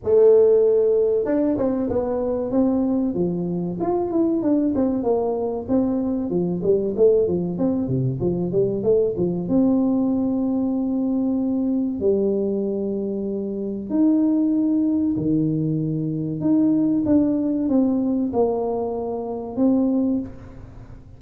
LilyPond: \new Staff \with { instrumentName = "tuba" } { \time 4/4 \tempo 4 = 95 a2 d'8 c'8 b4 | c'4 f4 f'8 e'8 d'8 c'8 | ais4 c'4 f8 g8 a8 f8 | c'8 c8 f8 g8 a8 f8 c'4~ |
c'2. g4~ | g2 dis'2 | dis2 dis'4 d'4 | c'4 ais2 c'4 | }